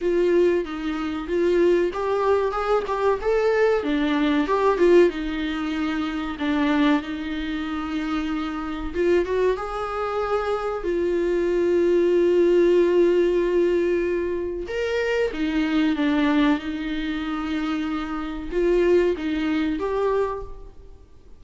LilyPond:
\new Staff \with { instrumentName = "viola" } { \time 4/4 \tempo 4 = 94 f'4 dis'4 f'4 g'4 | gis'8 g'8 a'4 d'4 g'8 f'8 | dis'2 d'4 dis'4~ | dis'2 f'8 fis'8 gis'4~ |
gis'4 f'2.~ | f'2. ais'4 | dis'4 d'4 dis'2~ | dis'4 f'4 dis'4 g'4 | }